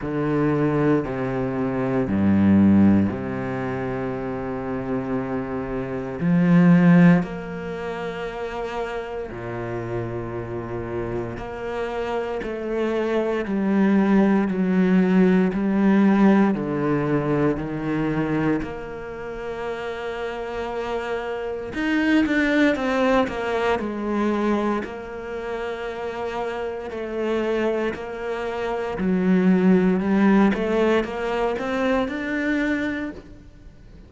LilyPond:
\new Staff \with { instrumentName = "cello" } { \time 4/4 \tempo 4 = 58 d4 c4 g,4 c4~ | c2 f4 ais4~ | ais4 ais,2 ais4 | a4 g4 fis4 g4 |
d4 dis4 ais2~ | ais4 dis'8 d'8 c'8 ais8 gis4 | ais2 a4 ais4 | fis4 g8 a8 ais8 c'8 d'4 | }